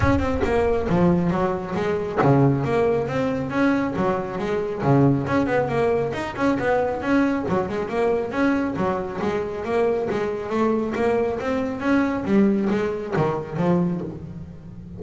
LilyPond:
\new Staff \with { instrumentName = "double bass" } { \time 4/4 \tempo 4 = 137 cis'8 c'8 ais4 f4 fis4 | gis4 cis4 ais4 c'4 | cis'4 fis4 gis4 cis4 | cis'8 b8 ais4 dis'8 cis'8 b4 |
cis'4 fis8 gis8 ais4 cis'4 | fis4 gis4 ais4 gis4 | a4 ais4 c'4 cis'4 | g4 gis4 dis4 f4 | }